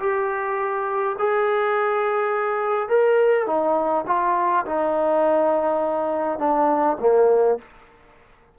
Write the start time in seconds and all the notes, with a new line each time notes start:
0.00 G4
1.19 G#4
2.89 A#4
3.47 D#4
4.08 F4
4.66 D#4
6.39 D4
7.01 A#3